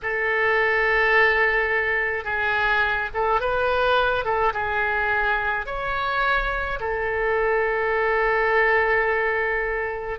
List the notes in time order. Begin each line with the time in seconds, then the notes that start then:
0.02 A4
2.24 G#4
3.13 A4
3.40 B4
4.25 A4
4.53 G#4
5.66 C#5
6.79 A4